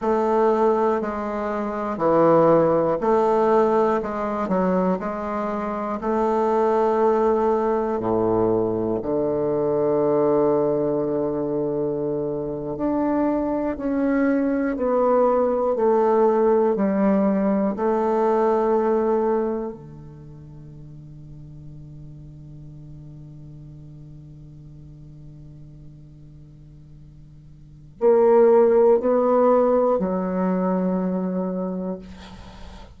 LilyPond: \new Staff \with { instrumentName = "bassoon" } { \time 4/4 \tempo 4 = 60 a4 gis4 e4 a4 | gis8 fis8 gis4 a2 | a,4 d2.~ | d8. d'4 cis'4 b4 a16~ |
a8. g4 a2 d16~ | d1~ | d1 | ais4 b4 fis2 | }